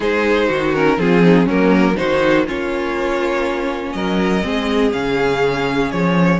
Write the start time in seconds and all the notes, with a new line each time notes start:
0.00 G#3 D#4 G#4 C5
0.47 D#3 F#4
0.74 C#4 A#4
0.97 F3 C4 F4 G#4
1.22 D#4
1.45 F#3 A#3 C#4 A#4
1.96 D#3 D#4 F#4 C5
2.46 A#3 C#4 F4 C#5
3.93 F#3 A#4 D#5
4.42 G#3 C4 G#4
4.91 C#3 C#4 F5
5.91 F3 C#5